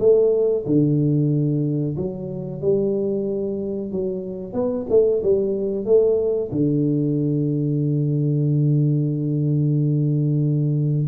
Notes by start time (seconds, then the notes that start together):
0.00 A3
0.66 D3
1.97 F#3
2.61 G3
3.92 F#3
4.54 B3
4.89 A3
5.23 G3
5.85 A3
6.52 D3